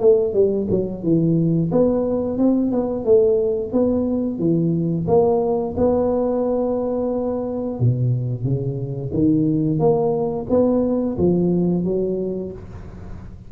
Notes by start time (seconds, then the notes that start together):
0.00 A3
0.33 G3
0.70 F#3
1.03 E3
1.71 B3
2.38 C4
2.72 B3
3.05 A3
3.73 B3
4.39 E3
5.07 A#3
5.77 B3
7.80 B2
8.44 C#3
9.13 D#3
9.79 A#3
10.50 B3
11.18 F3
11.84 F#3